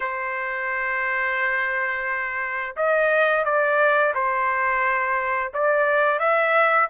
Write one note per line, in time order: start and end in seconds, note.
0.00 2.76 C5
2.76 3.45 D#5
3.45 4.13 D5
4.14 5.52 C5
5.53 6.19 D5
6.19 6.88 E5